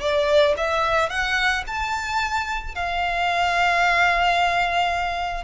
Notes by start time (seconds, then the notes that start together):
0.00 D5
0.57 E5
1.09 F#5
1.67 A5
2.75 F5